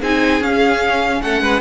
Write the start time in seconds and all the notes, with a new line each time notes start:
0.00 C4 D#4 G#4 G#5
0.41 C#4 F5
1.22 A3 A4 F#5
1.41 G#3 B4